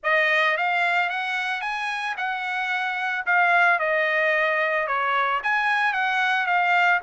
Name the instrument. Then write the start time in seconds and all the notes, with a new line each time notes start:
trumpet
0.03 D#5
0.57 F5
1.09 F#5
1.61 G#5
2.17 F#5
3.26 F5
3.79 D#5
4.87 C#5
5.43 G#5
5.93 F#5
6.46 F5